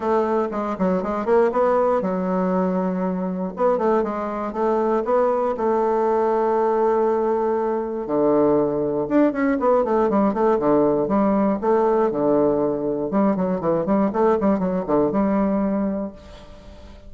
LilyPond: \new Staff \with { instrumentName = "bassoon" } { \time 4/4 \tempo 4 = 119 a4 gis8 fis8 gis8 ais8 b4 | fis2. b8 a8 | gis4 a4 b4 a4~ | a1 |
d2 d'8 cis'8 b8 a8 | g8 a8 d4 g4 a4 | d2 g8 fis8 e8 g8 | a8 g8 fis8 d8 g2 | }